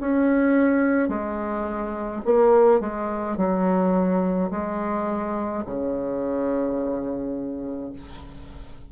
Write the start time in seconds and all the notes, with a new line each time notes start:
0.00 C#4
1.09 G#3
2.25 A#3
2.80 G#3
3.37 F#3
4.50 G#3
5.66 C#3